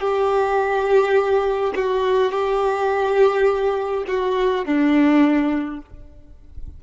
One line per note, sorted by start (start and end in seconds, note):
0.00 1.73 G4
1.75 2.31 F#4
2.31 4.04 G4
4.08 4.65 F#4
4.65 5.81 D4